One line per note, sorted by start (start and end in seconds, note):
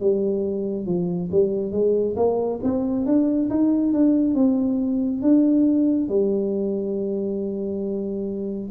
0.00 0.86 G3
0.86 1.30 F3
1.31 1.72 G3
1.72 2.15 G#3
2.16 2.60 A#3
2.63 3.06 C4
3.06 3.49 D4
3.50 3.92 D#4
3.92 4.34 D4
4.34 5.21 C4
5.22 6.09 D4
6.09 8.70 G3